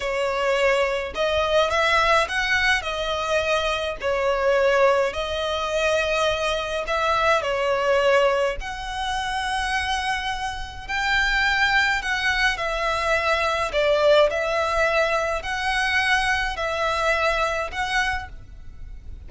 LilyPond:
\new Staff \with { instrumentName = "violin" } { \time 4/4 \tempo 4 = 105 cis''2 dis''4 e''4 | fis''4 dis''2 cis''4~ | cis''4 dis''2. | e''4 cis''2 fis''4~ |
fis''2. g''4~ | g''4 fis''4 e''2 | d''4 e''2 fis''4~ | fis''4 e''2 fis''4 | }